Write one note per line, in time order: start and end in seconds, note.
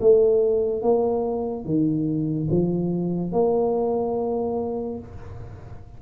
0.00 0.82 A3
0.82 1.64 A#3
1.64 2.48 D#3
2.50 3.32 F3
3.32 4.98 A#3